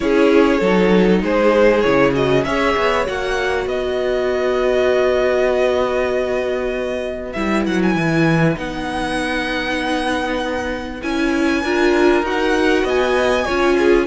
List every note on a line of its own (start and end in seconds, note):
0.00 0.61 C#4
0.00 0.61 E4
0.00 0.58 G#4
0.00 1.20 C#5
0.58 1.22 F#3
0.58 1.84 D#4
0.58 1.19 A4
1.22 1.83 G#3
1.22 2.46 G#4
1.22 1.80 C5
1.80 2.45 C#3
1.80 2.13 E4
1.80 2.11 C#5
2.13 2.43 F#4
2.13 2.44 D#5
2.44 2.75 C#4
2.44 3.05 G#4
2.44 3.69 C#5
2.44 3.05 E5
2.76 3.07 B3
3.05 3.66 A#3
3.05 7.34 F#4
3.05 3.68 F#5
3.66 7.33 B3
3.66 11.64 B4
3.66 7.32 D#5
7.32 7.66 G3
7.32 8.55 E4
7.32 7.63 E5
7.66 7.95 F#3
7.66 7.82 F#5
7.82 8.58 G#5
7.95 8.56 E3
8.55 11.01 B3
8.55 11.00 D#4
8.55 11.02 F#5
11.02 11.63 C#4
11.02 11.63 E4
11.02 12.24 G#5
11.63 12.22 D4
11.63 12.23 F4
11.63 12.84 A#4
12.22 12.83 D#4
12.22 13.46 F#4
12.22 12.87 F#5
12.84 13.45 B3
12.84 13.45 D#5
12.84 14.07 G#5
13.45 14.07 C#4
13.45 14.07 F4
13.45 13.75 C#5
13.78 14.07 G#4